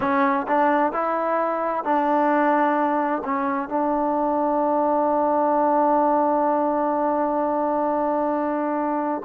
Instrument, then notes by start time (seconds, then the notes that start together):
trombone
0.00 C#4
0.47 D4
0.92 E4
1.83 D4
3.24 C#4
3.68 D4